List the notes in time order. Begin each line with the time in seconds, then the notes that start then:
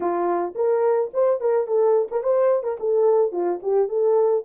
0.00 F4
0.55 A#4
1.13 C5
1.40 A#4
1.67 A4
2.11 A#4
2.23 C5
2.63 A#4
2.79 A4
3.32 F4
3.62 G4
3.88 A4